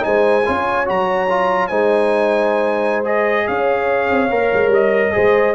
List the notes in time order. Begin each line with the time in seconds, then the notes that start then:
0.00 G#3 D#4 C5 G#5
0.46 C#4 F4 C#5
0.85 F#3 F#4 A#5
1.29 F4
1.67 G#3 D#4 C5 G#5
3.04 G#4 D#5
3.47 C#4 C#5 F5
4.10 C4
4.30 A#3 A#4
4.53 G#3
4.68 G3 D#5
5.12 G#3 G#4 C5